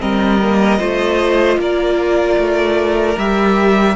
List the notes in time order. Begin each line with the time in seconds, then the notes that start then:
0.00 G3 C4 A#4 D#5
0.43 A#3
0.79 A3 F4 C5
1.58 A#3 A#4 D5
2.38 A3
3.17 G3 G4 E5